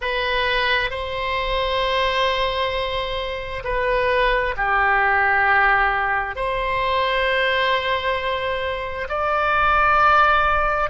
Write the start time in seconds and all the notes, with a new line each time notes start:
0.01 B4
0.90 C5
3.64 B4
4.56 G4
6.35 C5
9.08 D5